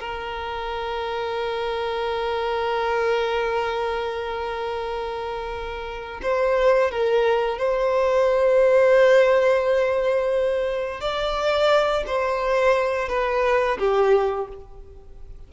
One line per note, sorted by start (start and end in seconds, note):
0.00 6.21 A#4
6.22 6.91 C5
6.91 7.58 A#4
7.58 11.01 C5
11.01 12.04 D5
12.07 13.09 C5
13.09 13.78 B4
13.79 14.48 G4